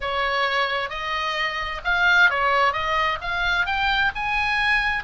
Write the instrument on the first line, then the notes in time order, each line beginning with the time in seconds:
oboe
0.00 C#5
0.89 D#5
1.84 F5
2.30 C#5
2.72 D#5
3.21 F5
3.66 G5
4.15 G#5